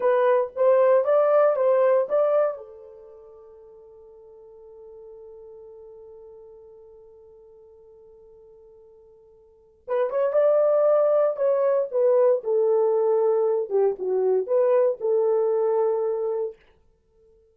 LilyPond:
\new Staff \with { instrumentName = "horn" } { \time 4/4 \tempo 4 = 116 b'4 c''4 d''4 c''4 | d''4 a'2.~ | a'1~ | a'1~ |
a'2. b'8 cis''8 | d''2 cis''4 b'4 | a'2~ a'8 g'8 fis'4 | b'4 a'2. | }